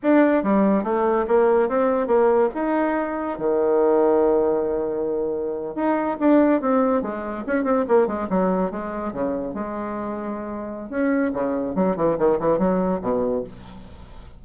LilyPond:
\new Staff \with { instrumentName = "bassoon" } { \time 4/4 \tempo 4 = 143 d'4 g4 a4 ais4 | c'4 ais4 dis'2 | dis1~ | dis4.~ dis16 dis'4 d'4 c'16~ |
c'8. gis4 cis'8 c'8 ais8 gis8 fis16~ | fis8. gis4 cis4 gis4~ gis16~ | gis2 cis'4 cis4 | fis8 e8 dis8 e8 fis4 b,4 | }